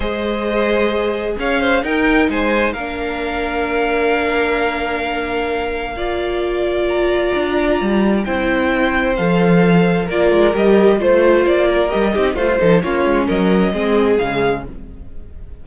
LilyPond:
<<
  \new Staff \with { instrumentName = "violin" } { \time 4/4 \tempo 4 = 131 dis''2. f''4 | g''4 gis''4 f''2~ | f''1~ | f''2. ais''4~ |
ais''2 g''2 | f''2 d''4 dis''4 | c''4 d''4 dis''4 c''4 | cis''4 dis''2 f''4 | }
  \new Staff \with { instrumentName = "violin" } { \time 4/4 c''2. cis''8 c''8 | ais'4 c''4 ais'2~ | ais'1~ | ais'4 d''2.~ |
d''2 c''2~ | c''2 ais'2 | c''4. ais'4 g'8 f'8 a'8 | f'4 ais'4 gis'2 | }
  \new Staff \with { instrumentName = "viola" } { \time 4/4 gis'1 | dis'2 d'2~ | d'1~ | d'4 f'2.~ |
f'2 e'2 | a'2 f'4 g'4 | f'2 g'8 dis'8 f'8 dis'8 | cis'2 c'4 gis4 | }
  \new Staff \with { instrumentName = "cello" } { \time 4/4 gis2. cis'4 | dis'4 gis4 ais2~ | ais1~ | ais1 |
d'4 g4 c'2 | f2 ais8 gis8 g4 | a4 ais4 g8 c'8 a8 f8 | ais8 gis8 fis4 gis4 cis4 | }
>>